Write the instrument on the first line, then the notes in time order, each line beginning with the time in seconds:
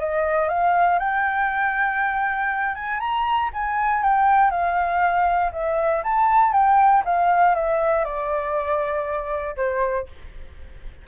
flute
0.00 D#5
0.49 F5
0.99 G5
2.75 G#5
3.00 A#5
3.54 G#5
4.03 G5
4.51 F5
5.53 E5
6.04 A5
6.53 G5
7.05 F5
7.55 E5
8.05 D5
9.57 C5